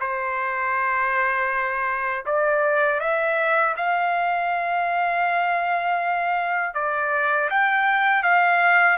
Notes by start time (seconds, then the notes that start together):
0.00 C5
2.26 D5
3.00 E5
3.76 F5
6.74 D5
7.50 G5
8.23 F5